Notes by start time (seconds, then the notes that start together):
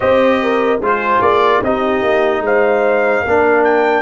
0.00 C4 G4 C5 D#5
0.42 A#4
0.80 G#3 F4 G#4 C5
1.21 A#3 D5
1.61 C4 D#4 G4 D#5
2.02 A#3
2.40 G#3 C5 F5
3.22 A#3 D4 A#4
3.64 G5